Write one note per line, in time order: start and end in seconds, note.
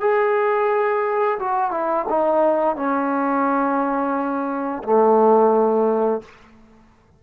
0.00 1.38 G#4
1.39 1.71 F#4
1.71 2.05 E4
2.09 2.76 D#4
2.76 4.83 C#4
4.83 6.21 A3